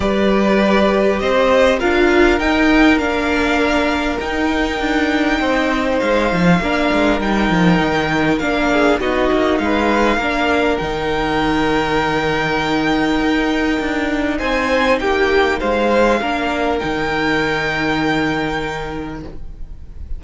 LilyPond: <<
  \new Staff \with { instrumentName = "violin" } { \time 4/4 \tempo 4 = 100 d''2 dis''4 f''4 | g''4 f''2 g''4~ | g''2 f''2 | g''2 f''4 dis''4 |
f''2 g''2~ | g''1 | gis''4 g''4 f''2 | g''1 | }
  \new Staff \with { instrumentName = "violin" } { \time 4/4 b'2 c''4 ais'4~ | ais'1~ | ais'4 c''2 ais'4~ | ais'2~ ais'8 gis'8 fis'4 |
b'4 ais'2.~ | ais'1 | c''4 g'4 c''4 ais'4~ | ais'1 | }
  \new Staff \with { instrumentName = "viola" } { \time 4/4 g'2. f'4 | dis'4 d'2 dis'4~ | dis'2. d'4 | dis'2 d'4 dis'4~ |
dis'4 d'4 dis'2~ | dis'1~ | dis'2. d'4 | dis'1 | }
  \new Staff \with { instrumentName = "cello" } { \time 4/4 g2 c'4 d'4 | dis'4 ais2 dis'4 | d'4 c'4 gis8 f8 ais8 gis8 | g8 f8 dis4 ais4 b8 ais8 |
gis4 ais4 dis2~ | dis2 dis'4 d'4 | c'4 ais4 gis4 ais4 | dis1 | }
>>